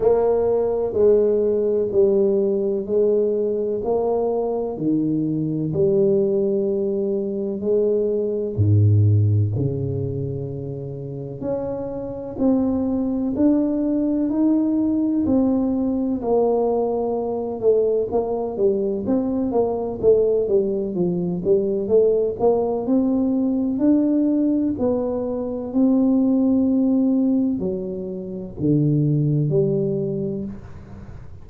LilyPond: \new Staff \with { instrumentName = "tuba" } { \time 4/4 \tempo 4 = 63 ais4 gis4 g4 gis4 | ais4 dis4 g2 | gis4 gis,4 cis2 | cis'4 c'4 d'4 dis'4 |
c'4 ais4. a8 ais8 g8 | c'8 ais8 a8 g8 f8 g8 a8 ais8 | c'4 d'4 b4 c'4~ | c'4 fis4 d4 g4 | }